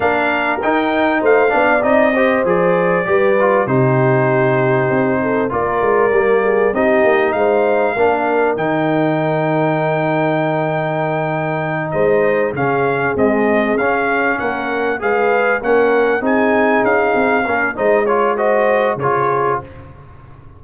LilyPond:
<<
  \new Staff \with { instrumentName = "trumpet" } { \time 4/4 \tempo 4 = 98 f''4 g''4 f''4 dis''4 | d''2 c''2~ | c''4 d''2 dis''4 | f''2 g''2~ |
g''2.~ g''8 dis''8~ | dis''8 f''4 dis''4 f''4 fis''8~ | fis''8 f''4 fis''4 gis''4 f''8~ | f''4 dis''8 cis''8 dis''4 cis''4 | }
  \new Staff \with { instrumentName = "horn" } { \time 4/4 ais'2 c''8 d''4 c''8~ | c''4 b'4 g'2~ | g'8 a'8 ais'4. gis'8 g'4 | c''4 ais'2.~ |
ais'2.~ ais'8 c''8~ | c''8 gis'2. ais'8~ | ais'8 b'4 ais'4 gis'4.~ | gis'8 ais'8 c''8 cis''8 c''4 gis'4 | }
  \new Staff \with { instrumentName = "trombone" } { \time 4/4 d'4 dis'4. d'8 dis'8 g'8 | gis'4 g'8 f'8 dis'2~ | dis'4 f'4 ais4 dis'4~ | dis'4 d'4 dis'2~ |
dis'1~ | dis'8 cis'4 gis4 cis'4.~ | cis'8 gis'4 cis'4 dis'4.~ | dis'8 cis'8 dis'8 f'8 fis'4 f'4 | }
  \new Staff \with { instrumentName = "tuba" } { \time 4/4 ais4 dis'4 a8 b8 c'4 | f4 g4 c2 | c'4 ais8 gis8 g4 c'8 ais8 | gis4 ais4 dis2~ |
dis2.~ dis8 gis8~ | gis8 cis4 c'4 cis'4 ais8~ | ais8 gis4 ais4 c'4 cis'8 | c'8 ais8 gis2 cis4 | }
>>